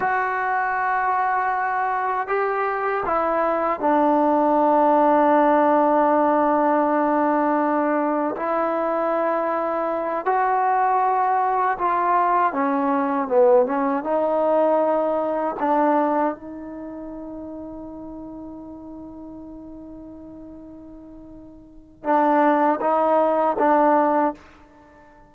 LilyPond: \new Staff \with { instrumentName = "trombone" } { \time 4/4 \tempo 4 = 79 fis'2. g'4 | e'4 d'2.~ | d'2. e'4~ | e'4. fis'2 f'8~ |
f'8 cis'4 b8 cis'8 dis'4.~ | dis'8 d'4 dis'2~ dis'8~ | dis'1~ | dis'4 d'4 dis'4 d'4 | }